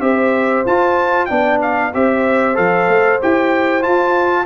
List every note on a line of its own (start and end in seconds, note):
0.00 0.64 C4
0.00 0.64 G4
0.00 1.28 C5
0.00 0.64 E5
0.65 1.29 F4
0.65 1.28 F4
0.65 1.25 A5
1.25 1.94 B3
1.25 1.92 D4
1.25 1.92 D5
1.25 1.57 G5
1.61 1.93 F5
1.93 2.58 C4
1.93 2.54 G4
1.93 4.45 C5
1.93 2.56 E5
2.54 2.87 F3
2.54 3.18 A4
2.54 3.20 F5
2.87 3.19 A3
3.21 3.85 E4
3.21 3.81 G4
3.21 3.82 G5
3.81 4.45 F4
3.81 4.45 A5